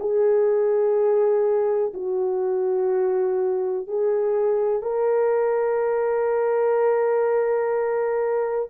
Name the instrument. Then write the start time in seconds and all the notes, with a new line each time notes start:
horn
0.00 G#4
1.94 F#4
3.88 G#4
4.83 A#4